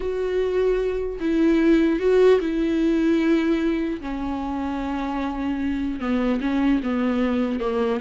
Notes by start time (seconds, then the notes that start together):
0.00 F#4
1.19 E4
1.99 F#4
2.40 E4
4.00 C#4
6.00 B3
6.41 C#4
6.83 B3
7.59 A#3